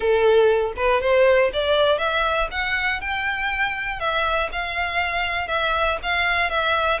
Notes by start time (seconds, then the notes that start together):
0.00 A4
0.76 B4
1.01 C5
1.53 D5
1.98 E5
2.51 F#5
3.00 G5
3.99 E5
4.52 F5
5.47 E5
6.02 F5
6.50 E5